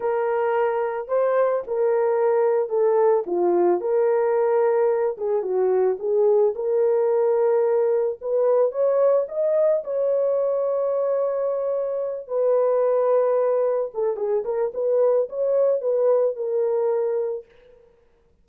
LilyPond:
\new Staff \with { instrumentName = "horn" } { \time 4/4 \tempo 4 = 110 ais'2 c''4 ais'4~ | ais'4 a'4 f'4 ais'4~ | ais'4. gis'8 fis'4 gis'4 | ais'2. b'4 |
cis''4 dis''4 cis''2~ | cis''2~ cis''8 b'4.~ | b'4. a'8 gis'8 ais'8 b'4 | cis''4 b'4 ais'2 | }